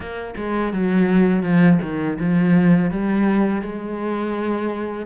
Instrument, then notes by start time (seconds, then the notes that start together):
cello
0.00 A#3
0.36 G#3
0.72 F#3
1.42 F3
1.82 D#3
2.19 F3
2.90 G3
3.61 G#3